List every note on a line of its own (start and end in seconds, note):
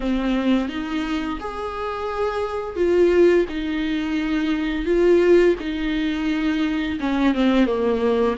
0.00 0.68 C4
0.68 1.38 D#4
1.40 2.76 G#4
2.76 3.45 F4
3.49 4.85 D#4
4.85 5.55 F4
5.59 6.99 D#4
7.00 7.34 C#4
7.34 7.66 C4
7.66 8.36 A#3